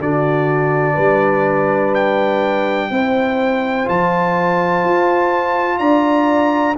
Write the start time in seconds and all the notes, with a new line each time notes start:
0.00 D3 D4 F#4 D5
0.94 G3 B4
1.95 G5
2.91 C4 E4 C5
3.85 F3 F4 A5
4.85 F4
5.79 D4 D5 A#5